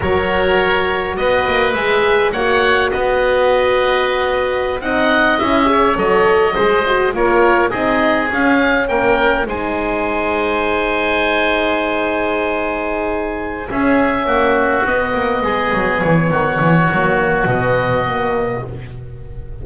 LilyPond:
<<
  \new Staff \with { instrumentName = "oboe" } { \time 4/4 \tempo 4 = 103 cis''2 dis''4 e''4 | fis''4 dis''2.~ | dis''16 fis''4 e''4 dis''4.~ dis''16~ | dis''16 cis''4 dis''4 f''4 g''8.~ |
g''16 gis''2.~ gis''8.~ | gis''2.~ gis''8 e''8~ | e''4. dis''2 cis''8~ | cis''2 dis''2 | }
  \new Staff \with { instrumentName = "oboe" } { \time 4/4 ais'2 b'2 | cis''4 b'2.~ | b'16 dis''4. cis''4. c''8.~ | c''16 ais'4 gis'2 ais'8.~ |
ais'16 c''2.~ c''8.~ | c''2.~ c''8 gis'8~ | gis'8 fis'2 gis'4. | fis'1 | }
  \new Staff \with { instrumentName = "horn" } { \time 4/4 fis'2. gis'4 | fis'1~ | fis'16 dis'4 e'8 gis'8 a'4 gis'8 fis'16~ | fis'16 f'4 dis'4 cis'4.~ cis'16~ |
cis'16 dis'2.~ dis'8.~ | dis'2.~ dis'8 cis'8~ | cis'4. b2~ b8~ | b4 ais4 b4 ais4 | }
  \new Staff \with { instrumentName = "double bass" } { \time 4/4 fis2 b8 ais8 gis4 | ais4 b2.~ | b16 c'4 cis'4 fis4 gis8.~ | gis16 ais4 c'4 cis'4 ais8.~ |
ais16 gis2.~ gis8.~ | gis2.~ gis8 cis'8~ | cis'8 ais4 b8 ais8 gis8 fis8 e8 | dis8 e8 fis4 b,2 | }
>>